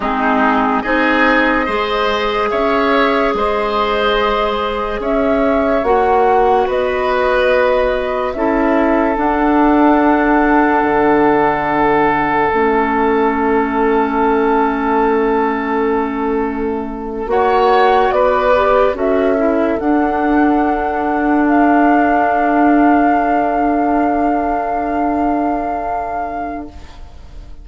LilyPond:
<<
  \new Staff \with { instrumentName = "flute" } { \time 4/4 \tempo 4 = 72 gis'4 dis''2 e''4 | dis''2 e''4 fis''4 | dis''2 e''4 fis''4~ | fis''2. e''4~ |
e''1~ | e''8. fis''4 d''4 e''4 fis''16~ | fis''4.~ fis''16 f''2~ f''16~ | f''1 | }
  \new Staff \with { instrumentName = "oboe" } { \time 4/4 dis'4 gis'4 c''4 cis''4 | c''2 cis''2 | b'2 a'2~ | a'1~ |
a'1~ | a'8. cis''4 b'4 a'4~ a'16~ | a'1~ | a'1 | }
  \new Staff \with { instrumentName = "clarinet" } { \time 4/4 c'4 dis'4 gis'2~ | gis'2. fis'4~ | fis'2 e'4 d'4~ | d'2. cis'4~ |
cis'1~ | cis'8. fis'4. g'8 fis'8 e'8 d'16~ | d'1~ | d'1 | }
  \new Staff \with { instrumentName = "bassoon" } { \time 4/4 gis4 c'4 gis4 cis'4 | gis2 cis'4 ais4 | b2 cis'4 d'4~ | d'4 d2 a4~ |
a1~ | a8. ais4 b4 cis'4 d'16~ | d'1~ | d'1 | }
>>